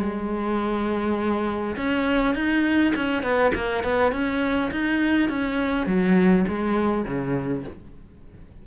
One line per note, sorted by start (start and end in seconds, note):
0.00 1.76 G#3
1.77 2.35 C#4
2.35 2.94 D#4
2.96 3.23 C#4
3.23 3.53 B3
3.55 3.84 A#3
3.84 4.13 B3
4.13 4.71 C#4
4.72 5.30 D#4
5.30 5.87 C#4
5.87 6.46 F#3
6.48 7.05 G#3
7.05 7.64 C#3